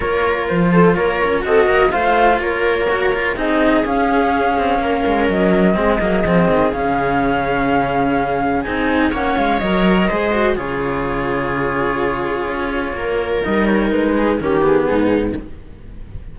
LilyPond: <<
  \new Staff \with { instrumentName = "flute" } { \time 4/4 \tempo 4 = 125 cis''4 c''4 cis''4 dis''4 | f''4 cis''2 dis''4 | f''2. dis''4~ | dis''2 f''2~ |
f''2 gis''4 fis''8 f''8 | dis''2 cis''2~ | cis''1 | dis''8 cis''8 b'4 ais'8 gis'4. | }
  \new Staff \with { instrumentName = "viola" } { \time 4/4 ais'4. a'8 ais'4 a'8 ais'8 | c''4 ais'2 gis'4~ | gis'2 ais'2 | gis'1~ |
gis'2. cis''4~ | cis''4 c''4 gis'2~ | gis'2. ais'4~ | ais'4. gis'8 g'4 dis'4 | }
  \new Staff \with { instrumentName = "cello" } { \time 4/4 f'2. fis'4 | f'2 fis'8 f'8 dis'4 | cis'1 | c'8 ais8 c'4 cis'2~ |
cis'2 dis'4 cis'4 | ais'4 gis'8 fis'8 f'2~ | f'1 | dis'2 cis'8 b4. | }
  \new Staff \with { instrumentName = "cello" } { \time 4/4 ais4 f4 ais8 cis'8 c'8 ais8 | a4 ais2 c'4 | cis'4. c'8 ais8 gis8 fis4 | gis8 fis8 f8 dis8 cis2~ |
cis2 c'4 ais8 gis8 | fis4 gis4 cis2~ | cis2 cis'4 ais4 | g4 gis4 dis4 gis,4 | }
>>